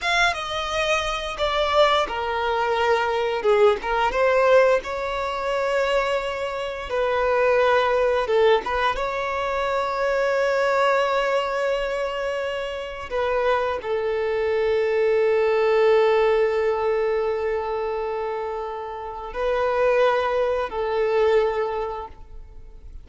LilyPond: \new Staff \with { instrumentName = "violin" } { \time 4/4 \tempo 4 = 87 f''8 dis''4. d''4 ais'4~ | ais'4 gis'8 ais'8 c''4 cis''4~ | cis''2 b'2 | a'8 b'8 cis''2.~ |
cis''2. b'4 | a'1~ | a'1 | b'2 a'2 | }